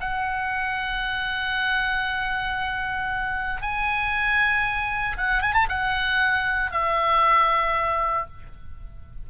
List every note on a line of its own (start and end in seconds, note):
0.00 3.62 F#5
3.62 5.17 G#5
5.17 5.42 F#5
5.42 5.54 G#5
5.54 5.67 A5
5.69 6.71 F#5
6.71 8.26 E5